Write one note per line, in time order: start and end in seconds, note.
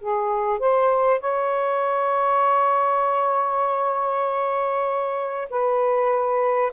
0.00 0.59 G#4
0.59 1.20 C5
1.20 5.49 C#5
5.50 6.72 B4